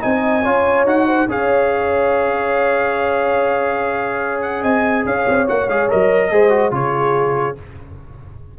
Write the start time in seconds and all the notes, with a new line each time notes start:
0.00 C4 D#4 D#5 G#5
0.44 C#4 F4 C#5
0.86 D#4 F#4 F#5
1.07 C5
1.28 C#4 G#4 C#5 F5
4.42 F#5
4.61 C4 D#5 G#5
5.06 C#4 C#5 F5
5.28 C4
5.47 A#3 F#4 F#5
5.68 G#3 G#4 F5
5.90 F#3 A#4 D#5
6.31 G#3 G#4 C5
6.50 F#4
6.71 C#3 F4 G#4 C#5